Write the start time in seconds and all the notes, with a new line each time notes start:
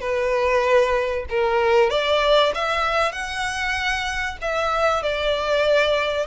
0.00 B4
1.29 A#4
1.90 D5
2.54 E5
3.12 F#5
4.41 E5
5.02 D5